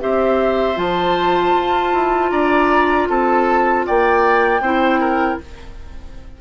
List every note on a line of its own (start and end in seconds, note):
0.00 0.77 C4
0.00 0.75 G4
0.00 2.31 C5
0.00 0.77 E5
0.75 1.54 F3
0.75 4.60 F4
0.75 2.30 A5
1.56 1.93 F4
1.93 2.31 E4
2.30 3.08 D4
2.30 3.08 D5
2.30 3.07 A#5
3.09 3.86 C4
3.09 3.86 A4
3.09 3.86 A5
3.86 4.61 A#3
3.86 4.62 D5
3.86 5.41 G5
4.61 5.37 C4
4.61 5.41 E4
4.61 5.00 C5
5.00 5.39 A#4